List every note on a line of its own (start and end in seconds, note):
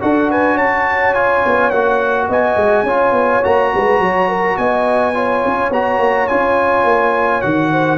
0.00 0.59 D4
0.00 1.14 F#4
0.00 0.30 A4
0.00 0.30 F#5
0.30 0.54 B4
0.30 0.57 G#5
0.54 1.45 C#4
0.54 2.26 C#5
0.54 1.14 A5
1.14 1.72 F4
1.14 1.70 G#5
1.45 1.71 B3
1.70 2.28 A#3
1.70 2.86 F#4
1.70 2.27 F#5
2.28 2.56 B3
2.28 2.85 D#5
2.28 3.44 G#5
2.56 2.83 G#3
2.83 3.11 C#4
2.83 3.43 F4
2.83 3.71 C#5
3.11 3.40 B3
3.43 3.73 A#3
3.43 5.14 F#4
3.43 4.57 A#5
3.74 3.99 G#3
3.74 4.00 B4
3.99 4.56 F#3
3.99 4.28 C#5
4.28 4.57 A#4
4.57 5.43 B3
4.57 5.15 D#5
4.57 5.71 G#5
5.14 5.71 F4
5.14 7.72 C#5
5.45 5.70 C#4
5.70 5.98 B3
5.70 6.29 F#4
5.70 6.27 A#5
5.98 6.27 A#3
6.27 6.84 C#4
6.27 7.42 F4
6.27 7.41 G#5
6.84 7.41 A#3
7.41 7.98 D#3
7.41 7.98 F#4
7.41 7.98 F#5
7.72 7.98 C5